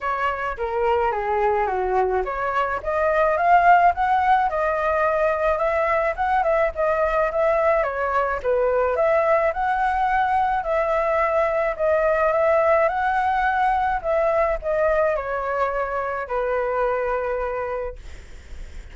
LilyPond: \new Staff \with { instrumentName = "flute" } { \time 4/4 \tempo 4 = 107 cis''4 ais'4 gis'4 fis'4 | cis''4 dis''4 f''4 fis''4 | dis''2 e''4 fis''8 e''8 | dis''4 e''4 cis''4 b'4 |
e''4 fis''2 e''4~ | e''4 dis''4 e''4 fis''4~ | fis''4 e''4 dis''4 cis''4~ | cis''4 b'2. | }